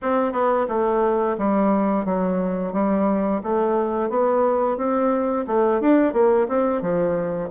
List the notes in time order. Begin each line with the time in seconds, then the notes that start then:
0.02 C4
0.32 B3
0.68 A3
1.38 G3
2.05 F#3
2.73 G3
3.43 A3
4.09 B3
4.77 C4
5.47 A3
5.80 D4
6.13 A#3
6.48 C4
6.81 F3